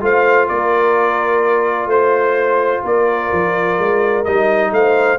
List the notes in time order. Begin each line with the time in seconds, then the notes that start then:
0.00 A3 F4 C5 F5
0.48 A#3 A#4 D5
1.86 A3 C5
2.82 A#3 A#4 D5
3.32 F3
3.78 G#3
4.24 G3 D#4 D#5
4.71 A3 C5 F5